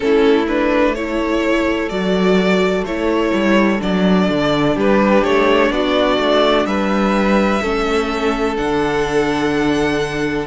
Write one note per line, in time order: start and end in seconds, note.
0.00 1.91 A3
0.00 0.44 C#4
0.00 0.97 E4
0.00 0.45 A4
0.47 0.96 D4
0.47 0.94 B4
0.94 1.89 E4
0.94 4.75 A4
0.94 1.89 C#5
1.89 2.83 F#3
1.89 2.85 F#4
1.89 2.84 D5
2.83 3.31 A3
2.83 3.79 E4
2.83 3.81 C#5
3.33 3.81 G3
3.79 4.29 F#3
3.79 7.60 D4
3.79 4.77 D5
4.29 4.76 D3
4.75 5.23 G3
4.75 5.70 G4
4.75 5.24 B4
5.24 5.70 A3
5.24 5.71 C#5
5.70 6.17 B3
5.70 6.68 F#4
5.70 6.65 D5
6.19 6.65 A3
6.65 7.60 G3
6.65 7.62 B4
6.65 8.56 E5
7.62 8.57 A3
7.62 8.57 C#4
7.62 10.47 A4
8.57 10.47 D3
8.57 10.47 D4
8.57 10.47 F#5